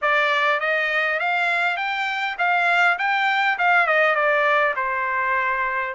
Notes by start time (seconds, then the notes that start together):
0.01 D5
0.60 D#5
1.19 F5
1.76 G5
2.38 F5
2.98 G5
3.58 F5
3.86 D#5
4.14 D5
4.76 C5